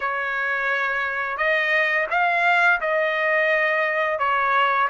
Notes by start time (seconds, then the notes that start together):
0.00 C#5
1.37 D#5
2.10 F5
2.80 D#5
4.18 C#5